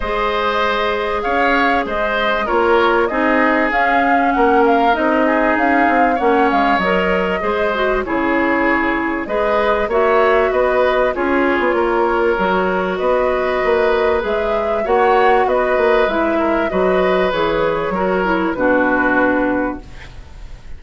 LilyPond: <<
  \new Staff \with { instrumentName = "flute" } { \time 4/4 \tempo 4 = 97 dis''2 f''4 dis''4 | cis''4 dis''4 f''4 fis''8 f''8 | dis''4 f''4 fis''8 f''8 dis''4~ | dis''4 cis''2 dis''4 |
e''4 dis''4 cis''2~ | cis''4 dis''2 e''4 | fis''4 dis''4 e''4 dis''4 | cis''2 b'2 | }
  \new Staff \with { instrumentName = "oboe" } { \time 4/4 c''2 cis''4 c''4 | ais'4 gis'2 ais'4~ | ais'8 gis'4. cis''2 | c''4 gis'2 b'4 |
cis''4 b'4 gis'4 ais'4~ | ais'4 b'2. | cis''4 b'4. ais'8 b'4~ | b'4 ais'4 fis'2 | }
  \new Staff \with { instrumentName = "clarinet" } { \time 4/4 gis'1 | f'4 dis'4 cis'2 | dis'2 cis'4 ais'4 | gis'8 fis'8 e'2 gis'4 |
fis'2 f'2 | fis'2. gis'4 | fis'2 e'4 fis'4 | gis'4 fis'8 e'8 d'2 | }
  \new Staff \with { instrumentName = "bassoon" } { \time 4/4 gis2 cis'4 gis4 | ais4 c'4 cis'4 ais4 | c'4 cis'8 c'8 ais8 gis8 fis4 | gis4 cis2 gis4 |
ais4 b4 cis'8. b16 ais4 | fis4 b4 ais4 gis4 | ais4 b8 ais8 gis4 fis4 | e4 fis4 b,2 | }
>>